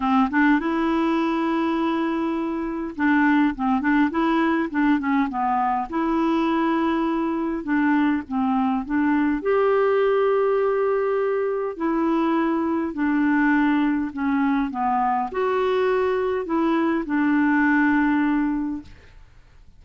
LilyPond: \new Staff \with { instrumentName = "clarinet" } { \time 4/4 \tempo 4 = 102 c'8 d'8 e'2.~ | e'4 d'4 c'8 d'8 e'4 | d'8 cis'8 b4 e'2~ | e'4 d'4 c'4 d'4 |
g'1 | e'2 d'2 | cis'4 b4 fis'2 | e'4 d'2. | }